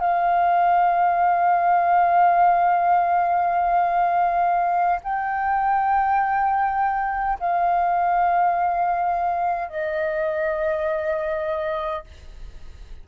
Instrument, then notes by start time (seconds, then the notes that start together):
flute
0.00 F5
5.03 G5
7.40 F5
9.69 D#5